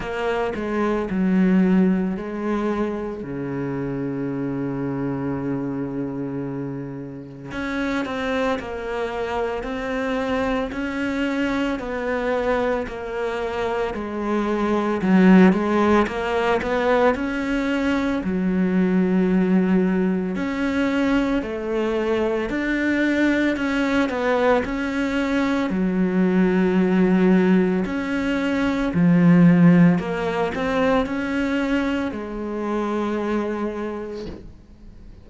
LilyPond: \new Staff \with { instrumentName = "cello" } { \time 4/4 \tempo 4 = 56 ais8 gis8 fis4 gis4 cis4~ | cis2. cis'8 c'8 | ais4 c'4 cis'4 b4 | ais4 gis4 fis8 gis8 ais8 b8 |
cis'4 fis2 cis'4 | a4 d'4 cis'8 b8 cis'4 | fis2 cis'4 f4 | ais8 c'8 cis'4 gis2 | }